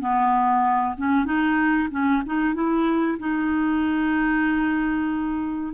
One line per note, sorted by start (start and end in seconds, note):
0.00 0.96 B3
0.97 1.25 C#4
1.25 1.89 D#4
1.91 2.23 C#4
2.26 2.54 D#4
2.54 3.18 E4
3.19 5.74 D#4